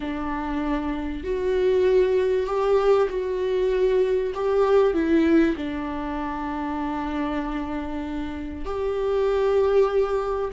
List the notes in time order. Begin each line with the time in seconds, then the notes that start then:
0.00 D4
1.23 F#4
2.46 G4
3.09 F#4
4.34 G4
4.93 E4
5.56 D4
8.65 G4